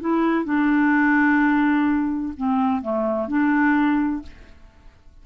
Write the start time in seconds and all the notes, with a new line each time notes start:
0.00 E4
0.44 D4
2.37 C4
2.82 A3
3.28 D4